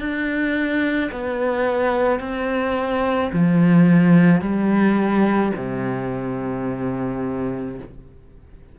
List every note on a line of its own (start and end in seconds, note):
0.00 1.11 D4
1.12 2.20 B3
2.20 3.31 C4
3.33 4.41 F3
4.41 5.53 G3
5.57 7.79 C3